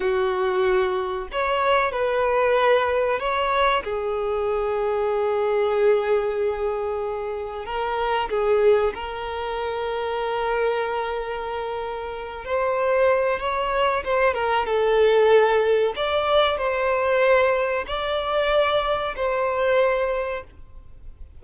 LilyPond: \new Staff \with { instrumentName = "violin" } { \time 4/4 \tempo 4 = 94 fis'2 cis''4 b'4~ | b'4 cis''4 gis'2~ | gis'1 | ais'4 gis'4 ais'2~ |
ais'2.~ ais'8 c''8~ | c''4 cis''4 c''8 ais'8 a'4~ | a'4 d''4 c''2 | d''2 c''2 | }